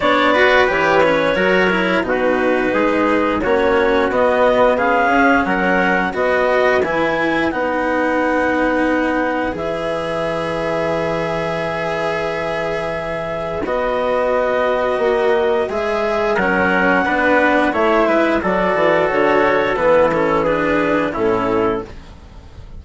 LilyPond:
<<
  \new Staff \with { instrumentName = "clarinet" } { \time 4/4 \tempo 4 = 88 d''4 cis''2 b'4~ | b'4 cis''4 dis''4 f''4 | fis''4 dis''4 gis''4 fis''4~ | fis''2 e''2~ |
e''1 | dis''2. e''4 | fis''2 e''4 d''4 | cis''4 b'8 a'8 b'4 a'4 | }
  \new Staff \with { instrumentName = "trumpet" } { \time 4/4 cis''8 b'4. ais'4 fis'4 | gis'4 fis'2 gis'4 | ais'4 b'2.~ | b'1~ |
b'1~ | b'1 | ais'4 b'4 cis''8 b'8 a'4~ | a'2 gis'4 e'4 | }
  \new Staff \with { instrumentName = "cello" } { \time 4/4 d'8 fis'8 g'8 cis'8 fis'8 e'8 dis'4~ | dis'4 cis'4 b4 cis'4~ | cis'4 fis'4 e'4 dis'4~ | dis'2 gis'2~ |
gis'1 | fis'2. gis'4 | cis'4 d'4 e'4 fis'4~ | fis'4 b8 cis'8 d'4 cis'4 | }
  \new Staff \with { instrumentName = "bassoon" } { \time 4/4 b4 e4 fis4 b,4 | gis4 ais4 b4. cis'8 | fis4 b4 e4 b4~ | b2 e2~ |
e1 | b2 ais4 gis4 | fis4 b4 a8 gis8 fis8 e8 | d4 e2 a,4 | }
>>